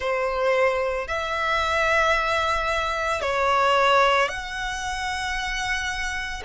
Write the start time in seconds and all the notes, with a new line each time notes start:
0.00 C5
1.07 E5
3.21 C#5
4.28 F#5